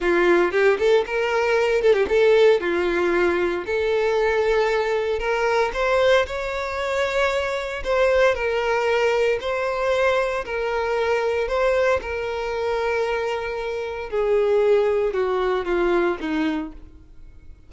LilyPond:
\new Staff \with { instrumentName = "violin" } { \time 4/4 \tempo 4 = 115 f'4 g'8 a'8 ais'4. a'16 g'16 | a'4 f'2 a'4~ | a'2 ais'4 c''4 | cis''2. c''4 |
ais'2 c''2 | ais'2 c''4 ais'4~ | ais'2. gis'4~ | gis'4 fis'4 f'4 dis'4 | }